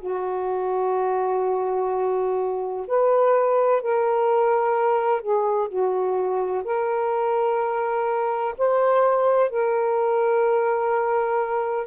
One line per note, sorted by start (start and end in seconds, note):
0.00 2.86 F#4
2.87 3.82 B4
3.82 5.21 A#4
5.21 5.68 G#4
5.68 6.63 F#4
6.64 8.55 A#4
8.58 9.50 C5
9.50 11.87 A#4